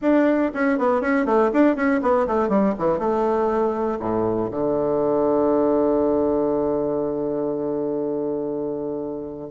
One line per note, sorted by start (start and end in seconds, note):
0.01 0.51 D4
0.53 0.78 C#4
0.78 1.01 B3
1.01 1.25 C#4
1.25 1.50 A3
1.52 1.75 D4
1.75 2.00 C#4
2.02 2.27 B3
2.27 2.48 A3
2.48 2.73 G3
2.78 2.98 E3
2.98 3.98 A3
3.99 4.49 A2
4.50 9.50 D3